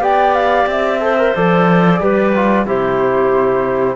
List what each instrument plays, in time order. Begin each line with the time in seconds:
0.00 cello B3, trombone G4, clarinet D5, flute G5
0.35 flute F5
0.67 cello C4, flute E5
1.00 trombone A4, clarinet C5
1.19 trombone A#4
1.36 cello F3, trombone A4, flute D5
2.01 cello G3, trombone G4, clarinet B4
2.36 trombone F4
2.66 cello C3, trombone E4, clarinet G4, flute C5